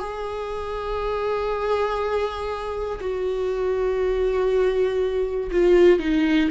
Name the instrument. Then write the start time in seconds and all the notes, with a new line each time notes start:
viola
0.00 G#4
3.01 F#4
5.51 F4
6.00 D#4